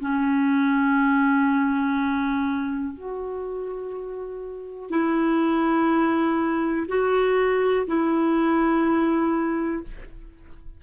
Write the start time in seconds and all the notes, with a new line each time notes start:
0.00 C#4
2.93 F#4
4.90 E4
6.88 F#4
7.86 E4